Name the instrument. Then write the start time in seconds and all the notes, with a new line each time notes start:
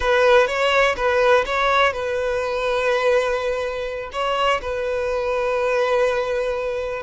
violin
0.00 B4
0.47 C#5
0.96 B4
1.45 C#5
1.92 B4
4.12 C#5
4.61 B4